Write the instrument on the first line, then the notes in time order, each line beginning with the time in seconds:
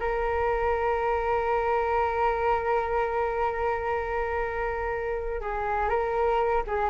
flute
0.00 A#4
5.41 G#4
5.89 A#4
6.67 G#4